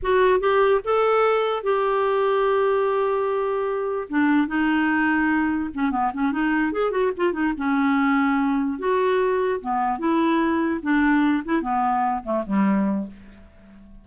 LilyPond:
\new Staff \with { instrumentName = "clarinet" } { \time 4/4 \tempo 4 = 147 fis'4 g'4 a'2 | g'1~ | g'2 d'4 dis'4~ | dis'2 cis'8 b8 cis'8 dis'8~ |
dis'8 gis'8 fis'8 f'8 dis'8 cis'4.~ | cis'4. fis'2 b8~ | b8 e'2 d'4. | e'8 b4. a8 g4. | }